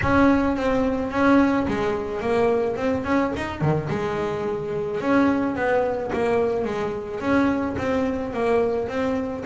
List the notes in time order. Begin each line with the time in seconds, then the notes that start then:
0.02 C#4
0.56 C4
1.11 C#4
1.67 G#3
2.20 A#3
2.76 C4
3.04 C#4
3.36 D#4
3.61 D#3
3.89 G#3
5.01 C#4
5.55 B3
6.12 A#3
6.65 G#3
7.20 C#4
7.78 C4
8.33 A#3
8.88 C4